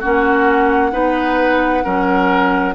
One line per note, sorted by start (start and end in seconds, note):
0.00 0.92 A#3
0.00 0.92 C#4
0.00 0.91 F#4
0.00 2.75 F#5
0.92 1.83 B3
0.92 1.83 D#4
0.92 1.84 B4
1.84 2.75 F#3
1.84 2.75 C#4
1.84 2.75 A#4